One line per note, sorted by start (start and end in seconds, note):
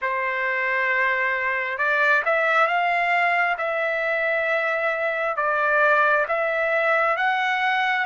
0.01 1.77 C5
1.77 2.22 D5
2.25 2.67 E5
2.67 3.57 F5
3.58 5.36 E5
5.36 6.26 D5
6.28 7.16 E5
7.16 8.05 F#5